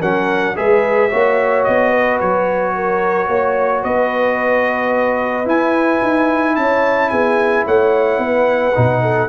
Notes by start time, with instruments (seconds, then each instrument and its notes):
0.00 tuba F#3, trombone C#4, horn A#4, trumpet F#5
0.56 tuba G#3, trombone G#4, horn B4, trumpet E5
1.10 tuba A#3, trombone F#4, horn C#5
1.64 tuba B3, trumpet D#5
1.91 horn B4
2.20 tuba F#3, trumpet C#5
2.75 horn A#4
3.28 tuba A#3, horn C#5
3.83 tuba B3, horn B4, trumpet D#5
5.46 trombone E4, tuba E4, trumpet G#5
6.03 tuba D#4
6.56 tuba C#4, horn C#5, trumpet A5
7.10 tuba B3, horn G#4, trumpet G#5
7.66 tuba A3, horn C#5, trumpet F#5
8.19 tuba B3, horn B4
8.75 tuba B2, trombone D#4
9.02 horn A4